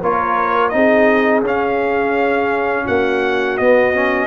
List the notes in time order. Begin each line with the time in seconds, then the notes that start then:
0.00 A#3 F4 A#4 C#5
0.69 C4 D#4 G#4 D#5
1.42 C#4 F5
2.84 A#3 F#4 F#5
3.57 B3 D#5
3.94 C#4